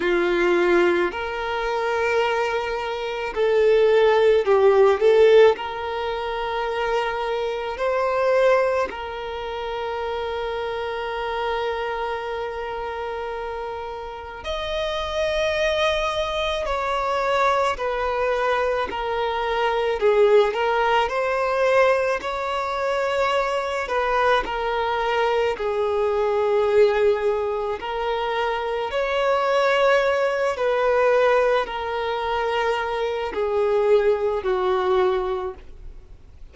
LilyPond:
\new Staff \with { instrumentName = "violin" } { \time 4/4 \tempo 4 = 54 f'4 ais'2 a'4 | g'8 a'8 ais'2 c''4 | ais'1~ | ais'4 dis''2 cis''4 |
b'4 ais'4 gis'8 ais'8 c''4 | cis''4. b'8 ais'4 gis'4~ | gis'4 ais'4 cis''4. b'8~ | b'8 ais'4. gis'4 fis'4 | }